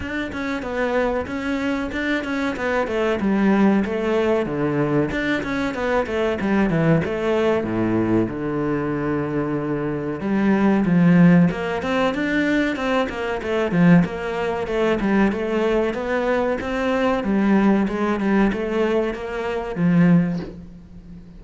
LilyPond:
\new Staff \with { instrumentName = "cello" } { \time 4/4 \tempo 4 = 94 d'8 cis'8 b4 cis'4 d'8 cis'8 | b8 a8 g4 a4 d4 | d'8 cis'8 b8 a8 g8 e8 a4 | a,4 d2. |
g4 f4 ais8 c'8 d'4 | c'8 ais8 a8 f8 ais4 a8 g8 | a4 b4 c'4 g4 | gis8 g8 a4 ais4 f4 | }